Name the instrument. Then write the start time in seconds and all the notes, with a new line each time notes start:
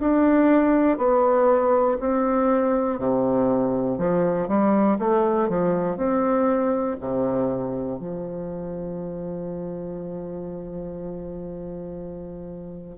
bassoon
0.00 D4
0.98 B3
2.00 C4
2.99 C3
3.99 F3
4.49 G3
4.99 A3
5.49 F3
5.97 C4
7.00 C3
8.00 F3